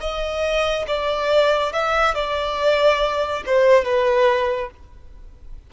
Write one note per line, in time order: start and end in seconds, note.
0.00 0.86 D#5
0.87 1.72 D5
1.72 2.15 E5
2.15 3.43 D5
3.46 3.85 C5
3.85 4.70 B4